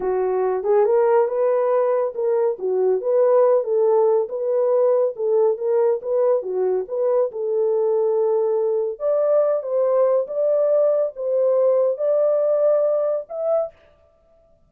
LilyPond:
\new Staff \with { instrumentName = "horn" } { \time 4/4 \tempo 4 = 140 fis'4. gis'8 ais'4 b'4~ | b'4 ais'4 fis'4 b'4~ | b'8 a'4. b'2 | a'4 ais'4 b'4 fis'4 |
b'4 a'2.~ | a'4 d''4. c''4. | d''2 c''2 | d''2. e''4 | }